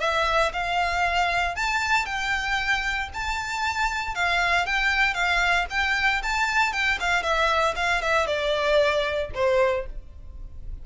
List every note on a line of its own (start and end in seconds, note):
0.00 0.52 E5
0.53 1.55 F5
1.55 2.06 A5
2.06 3.09 G5
3.14 4.14 A5
4.14 4.66 F5
4.66 5.14 G5
5.14 5.66 F5
5.70 6.22 G5
6.23 6.73 A5
6.73 6.99 G5
7.00 7.23 F5
7.23 7.74 E5
7.76 8.01 F5
8.02 8.27 E5
8.27 9.30 D5
9.34 9.86 C5